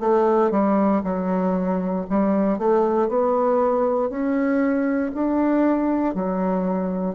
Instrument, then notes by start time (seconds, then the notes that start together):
bassoon
0.00 A3
0.51 G3
1.04 F#3
2.09 G3
2.58 A3
3.08 B3
4.10 C#4
5.14 D4
6.14 F#3